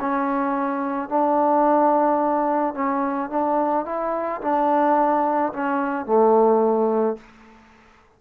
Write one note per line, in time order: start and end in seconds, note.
0.00 1.09 C#4
1.09 2.74 D4
2.74 3.30 C#4
3.30 3.85 D4
3.85 4.41 E4
4.41 5.52 D4
5.53 6.06 C#4
6.06 7.17 A3